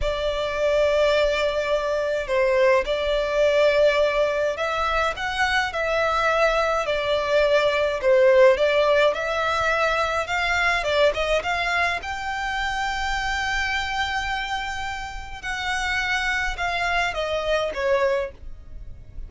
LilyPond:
\new Staff \with { instrumentName = "violin" } { \time 4/4 \tempo 4 = 105 d''1 | c''4 d''2. | e''4 fis''4 e''2 | d''2 c''4 d''4 |
e''2 f''4 d''8 dis''8 | f''4 g''2.~ | g''2. fis''4~ | fis''4 f''4 dis''4 cis''4 | }